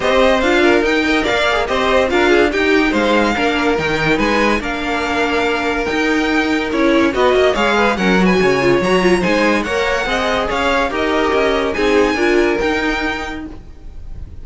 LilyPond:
<<
  \new Staff \with { instrumentName = "violin" } { \time 4/4 \tempo 4 = 143 dis''4 f''4 g''4 f''4 | dis''4 f''4 g''4 f''4~ | f''4 g''4 gis''4 f''4~ | f''2 g''2 |
cis''4 dis''4 f''4 fis''8. gis''16~ | gis''4 ais''4 gis''4 fis''4~ | fis''4 f''4 dis''2 | gis''2 g''2 | }
  \new Staff \with { instrumentName = "violin" } { \time 4/4 c''4. ais'4 dis''8 d''4 | c''4 ais'8 gis'8 g'4 c''4 | ais'2 b'4 ais'4~ | ais'1~ |
ais'4 b'8 dis''8 cis''8 b'8 ais'8. b'16 | cis''2 c''4 cis''4 | dis''4 cis''4 ais'2 | gis'4 ais'2. | }
  \new Staff \with { instrumentName = "viola" } { \time 4/4 g'4 f'4 dis'8 ais'4 gis'8 | g'4 f'4 dis'2 | d'4 dis'2 d'4~ | d'2 dis'2 |
e'4 fis'4 gis'4 cis'8 fis'8~ | fis'8 f'8 fis'8 f'8 dis'4 ais'4 | gis'2 g'2 | dis'4 f'4 dis'2 | }
  \new Staff \with { instrumentName = "cello" } { \time 4/4 c'4 d'4 dis'4 ais4 | c'4 d'4 dis'4 gis4 | ais4 dis4 gis4 ais4~ | ais2 dis'2 |
cis'4 b8 ais8 gis4 fis4 | cis4 fis4 gis4 ais4 | c'4 cis'4 dis'4 cis'4 | c'4 d'4 dis'2 | }
>>